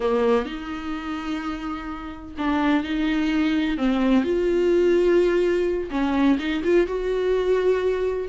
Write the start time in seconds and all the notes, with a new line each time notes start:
0.00 A#3
0.45 D#4
2.38 D4
2.83 D#4
3.77 C4
4.24 F4
5.90 C#4
6.38 D#4
6.64 F4
6.86 F#4